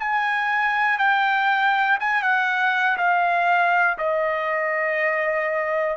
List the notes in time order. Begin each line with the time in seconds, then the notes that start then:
0.00 G#5
0.99 G5
2.00 G#5
2.23 F#5
2.98 F5
3.99 D#5